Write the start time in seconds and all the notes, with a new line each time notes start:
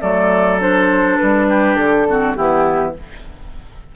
0.00 F#3 A3 A4 D5
0.60 D4 C5
1.17 G3 B4
1.49 G4
1.76 D3 A4
2.08 C4 F#4
2.34 E3 B3 E4 G4